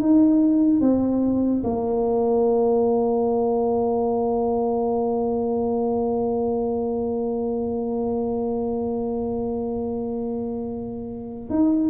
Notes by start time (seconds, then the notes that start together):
0.00 D#4
0.81 C4
1.64 A#3
11.50 D#4